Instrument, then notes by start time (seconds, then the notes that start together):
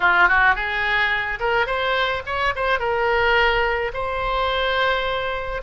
oboe
0.00 F4
0.28 F#4
0.55 G#4
1.39 A#4
1.66 C5
2.26 C#5
2.55 C5
2.79 A#4
3.93 C5